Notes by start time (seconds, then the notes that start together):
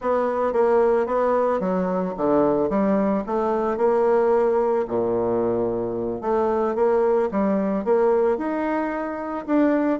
0.01 B3
0.52 A#3
1.06 B3
1.59 F#3
2.17 D3
2.69 G3
3.26 A3
3.77 A#3
4.87 A#2
6.21 A3
6.75 A#3
7.31 G3
7.84 A#3
8.37 D#4
9.46 D4